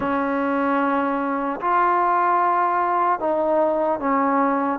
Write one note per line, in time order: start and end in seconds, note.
0.00 1.60 C#4
1.60 3.19 F4
3.19 3.99 D#4
3.99 4.79 C#4